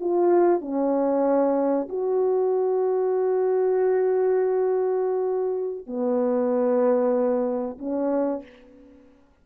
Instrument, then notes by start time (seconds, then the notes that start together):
horn
0.00 F4
0.61 C#4
1.89 F#4
5.87 B3
7.78 C#4